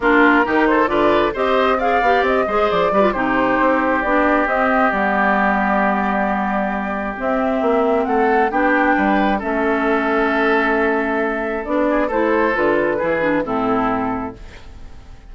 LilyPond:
<<
  \new Staff \with { instrumentName = "flute" } { \time 4/4 \tempo 4 = 134 ais'4. c''8 d''4 dis''4 | f''4 dis''4 d''4 c''4~ | c''4 d''4 dis''4 d''4~ | d''1 |
e''2 fis''4 g''4~ | g''4 e''2.~ | e''2 d''4 c''4 | b'2 a'2 | }
  \new Staff \with { instrumentName = "oboe" } { \time 4/4 f'4 g'8 a'8 b'4 c''4 | d''4. c''4 b'8 g'4~ | g'1~ | g'1~ |
g'2 a'4 g'4 | b'4 a'2.~ | a'2~ a'8 gis'8 a'4~ | a'4 gis'4 e'2 | }
  \new Staff \with { instrumentName = "clarinet" } { \time 4/4 d'4 dis'4 f'4 g'4 | gis'8 g'4 gis'4 g'16 f'16 dis'4~ | dis'4 d'4 c'4 b4~ | b1 |
c'2. d'4~ | d'4 cis'2.~ | cis'2 d'4 e'4 | f'4 e'8 d'8 c'2 | }
  \new Staff \with { instrumentName = "bassoon" } { \time 4/4 ais4 dis4 d4 c'4~ | c'8 b8 c'8 gis8 f8 g8 c4 | c'4 b4 c'4 g4~ | g1 |
c'4 ais4 a4 b4 | g4 a2.~ | a2 b4 a4 | d4 e4 a,2 | }
>>